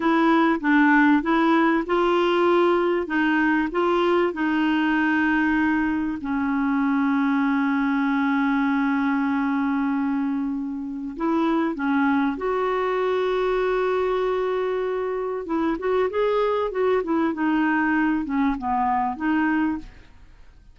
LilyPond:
\new Staff \with { instrumentName = "clarinet" } { \time 4/4 \tempo 4 = 97 e'4 d'4 e'4 f'4~ | f'4 dis'4 f'4 dis'4~ | dis'2 cis'2~ | cis'1~ |
cis'2 e'4 cis'4 | fis'1~ | fis'4 e'8 fis'8 gis'4 fis'8 e'8 | dis'4. cis'8 b4 dis'4 | }